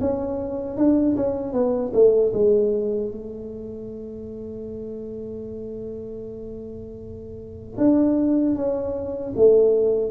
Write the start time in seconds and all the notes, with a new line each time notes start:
0.00 C#4
0.77 D4
1.16 C#4
1.53 B3
1.93 A3
2.33 G#3
3.11 A3
7.77 D4
8.55 C#4
9.36 A3